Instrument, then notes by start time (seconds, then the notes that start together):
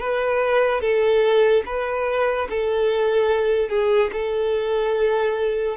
violin
0.00 B4
0.81 A4
1.66 B4
2.50 A4
3.69 G#4
4.13 A4